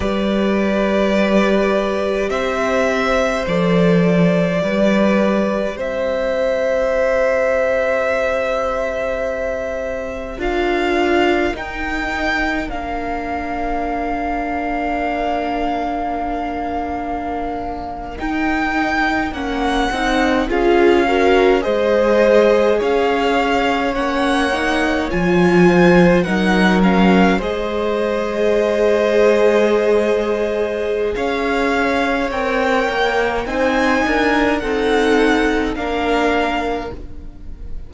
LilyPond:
<<
  \new Staff \with { instrumentName = "violin" } { \time 4/4 \tempo 4 = 52 d''2 e''4 d''4~ | d''4 e''2.~ | e''4 f''4 g''4 f''4~ | f''2.~ f''8. g''16~ |
g''8. fis''4 f''4 dis''4 f''16~ | f''8. fis''4 gis''4 fis''8 f''8 dis''16~ | dis''2. f''4 | g''4 gis''4 fis''4 f''4 | }
  \new Staff \with { instrumentName = "violin" } { \time 4/4 b'2 c''2 | b'4 c''2.~ | c''4 ais'2.~ | ais'1~ |
ais'4.~ ais'16 gis'8 ais'8 c''4 cis''16~ | cis''2~ cis''16 c''8 ais'4 c''16~ | c''2. cis''4~ | cis''4 c''8 ais'8 a'4 ais'4 | }
  \new Staff \with { instrumentName = "viola" } { \time 4/4 g'2. a'4 | g'1~ | g'4 f'4 dis'4 d'4~ | d'2.~ d'8. dis'16~ |
dis'8. cis'8 dis'8 f'8 fis'8 gis'4~ gis'16~ | gis'8. cis'8 dis'8 f'4 dis'8 cis'8 gis'16~ | gis'1 | ais'4 dis'4 c'4 d'4 | }
  \new Staff \with { instrumentName = "cello" } { \time 4/4 g2 c'4 f4 | g4 c'2.~ | c'4 d'4 dis'4 ais4~ | ais2.~ ais8. dis'16~ |
dis'8. ais8 c'8 cis'4 gis4 cis'16~ | cis'8. ais4 f4 fis4 gis16~ | gis2. cis'4 | c'8 ais8 c'8 d'8 dis'4 ais4 | }
>>